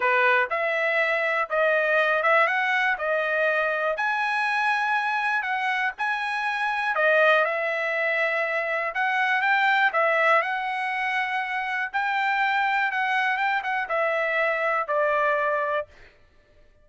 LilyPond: \new Staff \with { instrumentName = "trumpet" } { \time 4/4 \tempo 4 = 121 b'4 e''2 dis''4~ | dis''8 e''8 fis''4 dis''2 | gis''2. fis''4 | gis''2 dis''4 e''4~ |
e''2 fis''4 g''4 | e''4 fis''2. | g''2 fis''4 g''8 fis''8 | e''2 d''2 | }